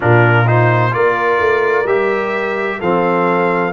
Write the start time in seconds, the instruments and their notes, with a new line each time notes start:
0.00 tuba A#2, trombone D4, horn F4, trumpet A#4
0.46 trombone D#4, trumpet C5
0.91 tuba A#3, trombone F4, horn A#4, trumpet D5
1.40 tuba A3
1.85 tuba G3, trombone G4, trumpet E5
2.79 tuba F3, trombone C4, horn A4, trumpet F5